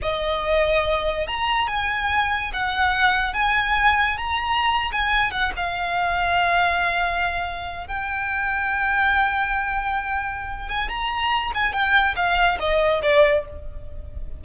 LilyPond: \new Staff \with { instrumentName = "violin" } { \time 4/4 \tempo 4 = 143 dis''2. ais''4 | gis''2 fis''2 | gis''2 ais''4.~ ais''16 gis''16~ | gis''8. fis''8 f''2~ f''8.~ |
f''2~ f''8. g''4~ g''16~ | g''1~ | g''4. gis''8 ais''4. gis''8 | g''4 f''4 dis''4 d''4 | }